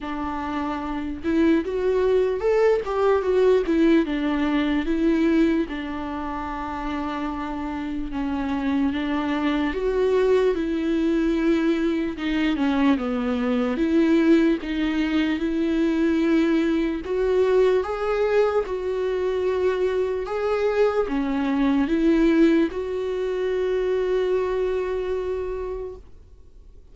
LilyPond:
\new Staff \with { instrumentName = "viola" } { \time 4/4 \tempo 4 = 74 d'4. e'8 fis'4 a'8 g'8 | fis'8 e'8 d'4 e'4 d'4~ | d'2 cis'4 d'4 | fis'4 e'2 dis'8 cis'8 |
b4 e'4 dis'4 e'4~ | e'4 fis'4 gis'4 fis'4~ | fis'4 gis'4 cis'4 e'4 | fis'1 | }